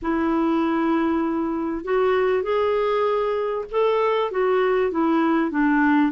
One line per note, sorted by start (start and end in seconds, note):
0.02 1.84 E4
1.84 2.42 F#4
2.42 3.65 G#4
3.71 4.31 A4
4.31 4.91 F#4
4.91 5.50 E4
5.50 6.11 D4